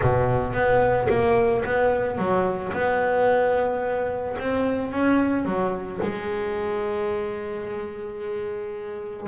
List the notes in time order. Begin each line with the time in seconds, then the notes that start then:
0.01 B2
0.53 B3
1.09 A#3
1.64 B3
2.18 F#3
2.72 B3
4.39 C4
4.91 C#4
5.45 F#3
6.02 G#3